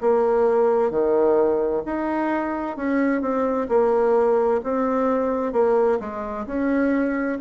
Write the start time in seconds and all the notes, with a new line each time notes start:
0.00 A#3
0.90 D#3
1.85 D#4
2.76 C#4
3.21 C4
3.68 A#3
4.63 C4
5.52 A#3
5.99 G#3
6.46 C#4